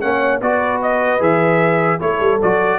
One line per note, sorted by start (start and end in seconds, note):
0.00 0.41 A#3
0.00 0.41 C#4
0.00 0.40 C#5
0.00 0.40 F#5
0.40 1.20 B3
0.40 1.19 F#4
0.40 1.99 B4
0.40 0.81 D5
0.82 1.22 D#5
1.19 2.00 E3
1.19 1.99 G#4
1.19 2.00 E5
1.99 2.20 A3
1.99 2.39 E4
1.99 2.79 A4
1.99 2.40 C#5
2.20 2.40 G3
2.42 2.79 F#3
2.42 2.79 F#4
2.42 2.79 D5